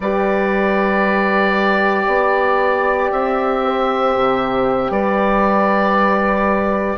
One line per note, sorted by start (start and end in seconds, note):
0.00 2.06 G3
0.00 6.98 G4
0.00 2.05 B4
0.00 3.11 D5
2.05 3.10 B3
2.05 3.60 D5
3.11 4.15 C4
3.11 4.91 E5
3.64 4.91 C5
4.15 4.90 C3
4.90 6.97 G3
4.90 6.98 B4
4.90 6.98 D5